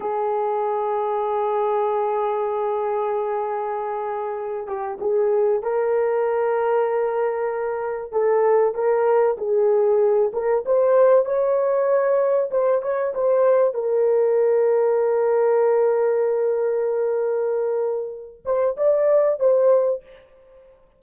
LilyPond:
\new Staff \with { instrumentName = "horn" } { \time 4/4 \tempo 4 = 96 gis'1~ | gis'2.~ gis'8 g'8 | gis'4 ais'2.~ | ais'4 a'4 ais'4 gis'4~ |
gis'8 ais'8 c''4 cis''2 | c''8 cis''8 c''4 ais'2~ | ais'1~ | ais'4. c''8 d''4 c''4 | }